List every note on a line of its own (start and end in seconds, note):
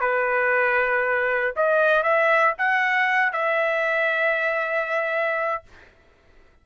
0.00 1.54 B4
1.56 2.03 D#5
2.03 2.54 E5
2.58 3.32 F#5
3.32 5.63 E5